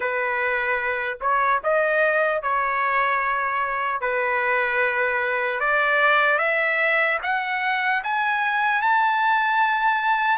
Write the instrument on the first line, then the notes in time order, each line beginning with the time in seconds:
trumpet
0.00 B4
1.20 C#5
1.63 D#5
2.42 C#5
4.00 B4
5.60 D5
6.38 E5
7.23 F#5
8.03 G#5
8.81 A5